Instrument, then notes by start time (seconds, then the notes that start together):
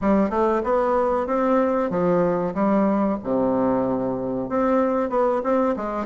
bassoon
0.01 G3
0.30 A3
0.63 B3
1.26 C4
1.90 F3
2.54 G3
3.23 C3
4.49 C4
5.09 B3
5.43 C4
5.76 G#3